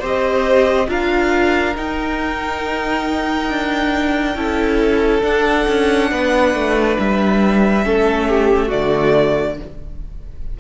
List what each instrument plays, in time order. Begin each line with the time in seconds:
0.00 cello C4, viola G4, violin C5
0.06 violin D#5
0.88 cello D4, viola F4, violin A#4 F5
1.76 viola D#4, cello D#4, violin G5
3.50 cello D4
4.36 cello C#4, viola E4, violin A4
5.21 viola D4, cello D4, violin F#5
5.68 cello C#4
6.11 cello B3, violin B4
6.54 cello A3
6.99 cello G3, violin E5
7.84 cello A3, viola C#4, violin A4
8.29 violin G4
8.68 cello D3, viola A3, violin F#4 D5